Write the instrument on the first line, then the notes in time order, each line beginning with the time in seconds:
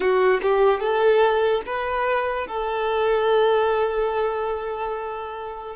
violin
0.00 F#4
0.41 G4
0.80 A4
1.66 B4
2.47 A4